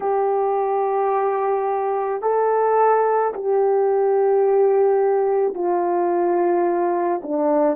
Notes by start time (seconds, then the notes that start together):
0.00 G4
2.22 A4
3.33 G4
5.54 F4
7.22 D4